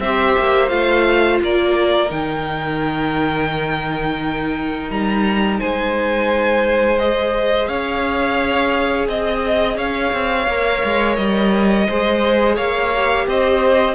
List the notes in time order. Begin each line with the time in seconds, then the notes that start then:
0.00 C4 G4 C5 E5
0.38 A#3
0.69 A3 F4 F5
1.41 A#3 A#4 D5
2.10 D#3 D#4 G5
4.90 G3 A#5
5.59 G#3 C5 G#5
6.98 G#4 D#5
7.68 C#4 C#5 F5
9.07 C4 D#5
9.77 C#4 C#5 F5
10.13 C4
10.47 A#3 A#4
10.84 G#3
11.15 G3 D#5
11.88 G#3 G#4 C5
12.56 A#3 C#5 F5
12.96 G4
13.27 C4 C5 D#5